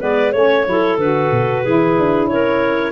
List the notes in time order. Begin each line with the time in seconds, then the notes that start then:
0.00 G#3 B3 B4 D5
0.32 A3 C#4 C#5
0.66 F#3 E4 A4
0.98 D3 F#4 B4
1.31 B2
1.63 E3 E4 G#4
1.99 D4
2.27 C#4 A#4 C#5